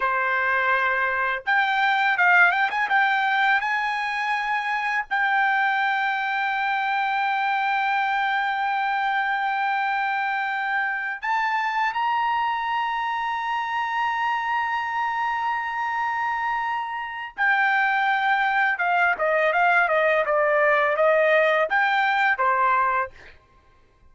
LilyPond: \new Staff \with { instrumentName = "trumpet" } { \time 4/4 \tempo 4 = 83 c''2 g''4 f''8 g''16 gis''16 | g''4 gis''2 g''4~ | g''1~ | g''2.~ g''8 a''8~ |
a''8 ais''2.~ ais''8~ | ais''1 | g''2 f''8 dis''8 f''8 dis''8 | d''4 dis''4 g''4 c''4 | }